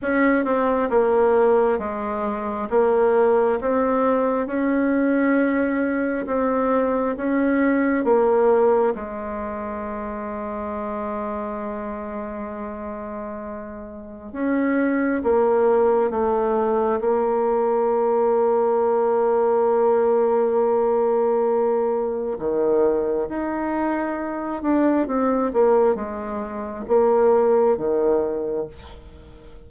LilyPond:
\new Staff \with { instrumentName = "bassoon" } { \time 4/4 \tempo 4 = 67 cis'8 c'8 ais4 gis4 ais4 | c'4 cis'2 c'4 | cis'4 ais4 gis2~ | gis1 |
cis'4 ais4 a4 ais4~ | ais1~ | ais4 dis4 dis'4. d'8 | c'8 ais8 gis4 ais4 dis4 | }